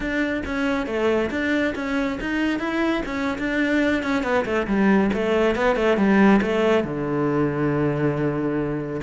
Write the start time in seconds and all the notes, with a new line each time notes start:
0.00 D4
0.45 C#4
0.86 A3
1.30 D4
1.75 C#4
2.20 D#4
2.59 E4
3.05 C#4
3.38 D4
4.02 C#4
4.23 B3
4.45 A3
4.67 G3
5.13 A3
5.55 B3
5.76 A3
5.97 G3
6.41 A3
6.84 D3